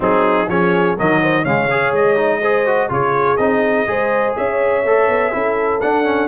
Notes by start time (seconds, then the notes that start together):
0.00 F#3 C4 D#4 G#4
0.48 F3 C#4 G#4 C#5
0.96 D#3 F#3 A#4 D#5
1.21 C5
1.43 C#3 G#3 C#5 F5
1.70 G#4
1.91 G#3 D#5
2.16 D#4
2.41 G#4 C5
2.66 F#4
2.89 C#3 F4 G#4 C#5
3.37 C4 D#4 D#5
3.86 G#3 G#4 C5
4.36 C#4 C#5 E5
4.84 A3 A4
5.08 B3
5.32 C#4 E4 A4
5.80 D4 F#5
6.04 C#4